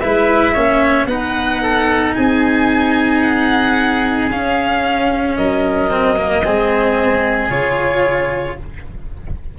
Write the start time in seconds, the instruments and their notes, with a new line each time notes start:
0.00 tuba G#3, cello E4, oboe B4, violin E5
0.53 tuba A#3, cello C#4, oboe C#5
1.06 tuba B3, cello D#4, oboe B4, violin F#5
1.62 oboe A4
2.14 tuba C4, oboe G#4, violin G#5
3.22 violin F#5
4.30 tuba C#4, cello C#4, violin F5
5.36 tuba F#3, oboe A#4, violin D#5
5.91 cello C4
6.16 cello A#3
6.44 tuba G#3, cello C4, oboe G#4
7.49 tuba C#3, cello F4, violin C#5